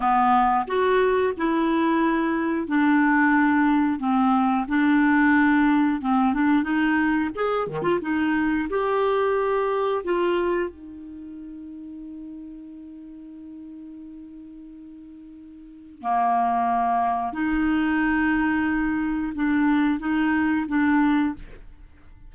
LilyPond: \new Staff \with { instrumentName = "clarinet" } { \time 4/4 \tempo 4 = 90 b4 fis'4 e'2 | d'2 c'4 d'4~ | d'4 c'8 d'8 dis'4 gis'8 dis16 f'16 | dis'4 g'2 f'4 |
dis'1~ | dis'1 | ais2 dis'2~ | dis'4 d'4 dis'4 d'4 | }